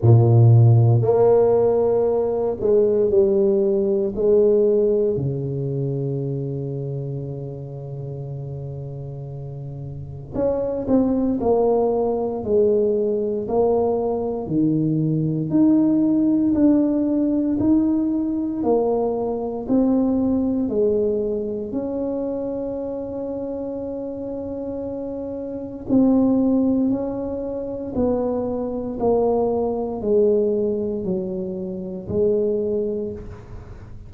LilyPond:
\new Staff \with { instrumentName = "tuba" } { \time 4/4 \tempo 4 = 58 ais,4 ais4. gis8 g4 | gis4 cis2.~ | cis2 cis'8 c'8 ais4 | gis4 ais4 dis4 dis'4 |
d'4 dis'4 ais4 c'4 | gis4 cis'2.~ | cis'4 c'4 cis'4 b4 | ais4 gis4 fis4 gis4 | }